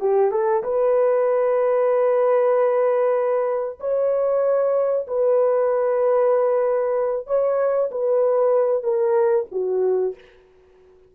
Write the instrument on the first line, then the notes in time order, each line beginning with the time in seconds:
horn
0.00 G4
0.32 A4
0.63 B4
3.80 C#5
5.08 B4
7.27 C#5
7.92 B4
8.84 A#4
9.52 F#4